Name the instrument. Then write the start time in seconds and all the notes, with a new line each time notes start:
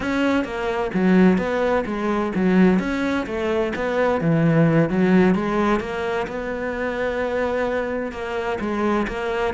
cello
0.00 C#4
0.44 A#3
0.93 F#3
1.37 B3
1.86 G#3
2.35 F#3
2.79 C#4
3.26 A3
3.75 B3
4.20 E3
4.89 F#3
5.35 G#3
5.80 A#3
6.27 B3
8.11 A#3
8.60 G#3
9.07 A#3